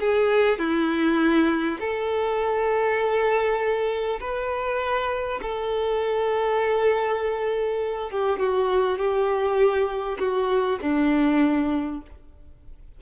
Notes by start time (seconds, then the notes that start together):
0.00 G#4
0.59 E4
1.80 A4
4.20 B4
5.42 A4
8.11 G4
8.39 F#4
8.98 G4
10.19 F#4
10.82 D4